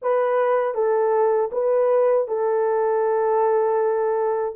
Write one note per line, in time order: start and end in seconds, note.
0.02 0.74 B4
0.74 1.50 A4
1.52 2.28 B4
2.28 4.55 A4